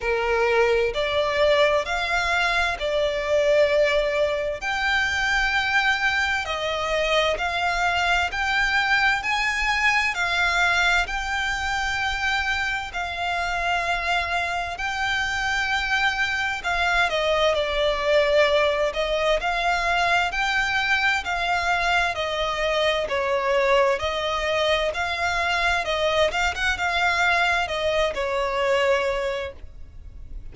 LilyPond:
\new Staff \with { instrumentName = "violin" } { \time 4/4 \tempo 4 = 65 ais'4 d''4 f''4 d''4~ | d''4 g''2 dis''4 | f''4 g''4 gis''4 f''4 | g''2 f''2 |
g''2 f''8 dis''8 d''4~ | d''8 dis''8 f''4 g''4 f''4 | dis''4 cis''4 dis''4 f''4 | dis''8 f''16 fis''16 f''4 dis''8 cis''4. | }